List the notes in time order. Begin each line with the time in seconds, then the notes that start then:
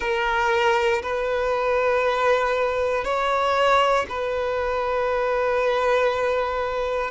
0.00 A#4
1.02 B4
3.04 C#5
4.09 B4